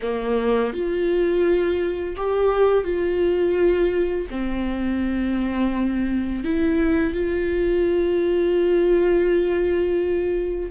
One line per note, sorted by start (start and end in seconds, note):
0.02 0.73 A#3
0.73 2.16 F4
2.16 2.84 G4
2.84 4.27 F4
4.30 6.44 C4
6.44 7.13 E4
7.13 10.70 F4